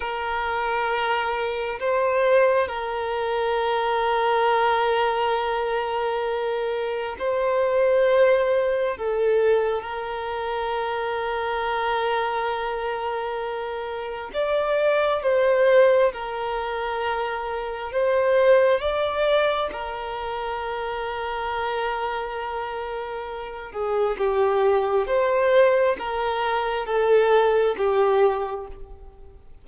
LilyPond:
\new Staff \with { instrumentName = "violin" } { \time 4/4 \tempo 4 = 67 ais'2 c''4 ais'4~ | ais'1 | c''2 a'4 ais'4~ | ais'1 |
d''4 c''4 ais'2 | c''4 d''4 ais'2~ | ais'2~ ais'8 gis'8 g'4 | c''4 ais'4 a'4 g'4 | }